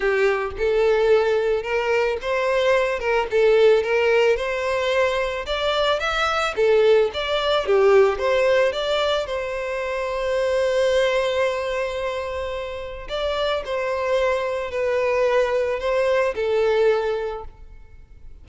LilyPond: \new Staff \with { instrumentName = "violin" } { \time 4/4 \tempo 4 = 110 g'4 a'2 ais'4 | c''4. ais'8 a'4 ais'4 | c''2 d''4 e''4 | a'4 d''4 g'4 c''4 |
d''4 c''2.~ | c''1 | d''4 c''2 b'4~ | b'4 c''4 a'2 | }